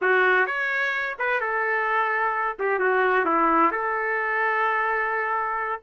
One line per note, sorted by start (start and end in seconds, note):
0.01 0.46 F#4
0.46 1.16 C#5
1.18 1.40 B4
1.40 2.56 A4
2.59 2.79 G4
2.79 3.25 F#4
3.25 3.71 E4
3.71 5.80 A4